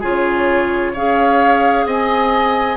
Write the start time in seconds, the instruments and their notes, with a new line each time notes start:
0.00 bassoon C#3, clarinet F4, oboe G#4, flute C#5
0.93 bassoon C#4, clarinet G#4, oboe C#5, flute F5
1.85 bassoon C4, oboe D#5, flute G#5